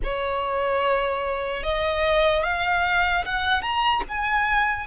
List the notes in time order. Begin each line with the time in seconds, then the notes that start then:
0.03 C#5
1.63 D#5
2.43 F5
3.25 F#5
3.62 A#5
4.08 G#5